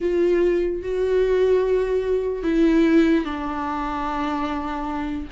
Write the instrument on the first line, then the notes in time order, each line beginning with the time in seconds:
viola
0.00 F4
0.82 F#4
2.43 E4
3.24 D4